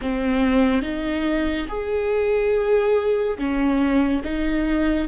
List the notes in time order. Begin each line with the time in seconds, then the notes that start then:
0.01 C4
0.81 D#4
1.68 G#4
3.38 C#4
4.24 D#4